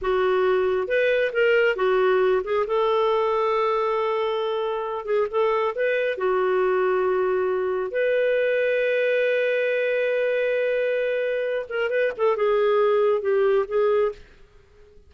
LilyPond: \new Staff \with { instrumentName = "clarinet" } { \time 4/4 \tempo 4 = 136 fis'2 b'4 ais'4 | fis'4. gis'8 a'2~ | a'2.~ a'8 gis'8 | a'4 b'4 fis'2~ |
fis'2 b'2~ | b'1~ | b'2~ b'8 ais'8 b'8 a'8 | gis'2 g'4 gis'4 | }